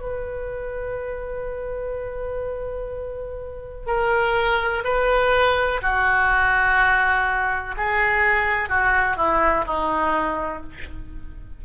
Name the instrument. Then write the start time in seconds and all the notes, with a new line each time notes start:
oboe
0.00 B4
3.87 A#4
4.84 B4
5.82 F#4
7.77 G#4
8.69 F#4
9.16 E4
9.66 D#4